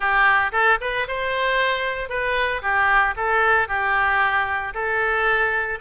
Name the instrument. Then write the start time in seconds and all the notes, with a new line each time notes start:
oboe
0.00 G4
0.51 A4
0.80 B4
1.07 C5
2.09 B4
2.62 G4
3.16 A4
3.68 G4
4.74 A4